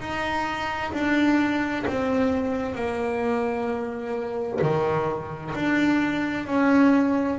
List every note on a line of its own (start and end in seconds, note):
0.00 0.92 D#4
0.93 1.85 D4
1.87 2.75 C4
2.75 4.59 A#3
4.62 5.54 D#3
5.55 6.46 D4
6.46 7.38 C#4